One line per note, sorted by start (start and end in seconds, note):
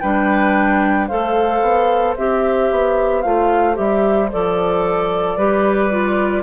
0.00 1.10 G3
0.00 1.09 D4
0.00 1.08 B4
0.00 1.07 G5
1.08 1.61 A3
1.08 2.17 A4
1.08 5.36 C5
1.08 2.15 F5
1.61 2.15 B3
2.17 2.71 C4
2.17 3.24 G4
2.17 3.22 E5
2.71 3.24 B3
3.22 3.78 A3
3.22 3.74 F4
3.22 3.75 F5
3.74 4.32 G3
3.74 4.27 G4
3.74 4.30 E5
4.31 5.37 F3
4.31 5.38 A4
4.31 6.43 D5
5.36 6.43 G3
5.36 5.90 G4
5.36 6.43 B4
5.90 6.43 F4